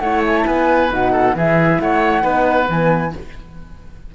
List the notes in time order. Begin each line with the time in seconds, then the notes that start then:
0.00 A3 E4 C#5 F#5
0.27 G#5
0.38 A5
0.47 B3 B4 G#5
0.91 B2 D#4 F#5
1.13 A4
1.35 E3 E4 G#4 E5
1.80 A3 C#5 F#5
2.22 B3 D#4 B4
2.68 E3 B3 G#5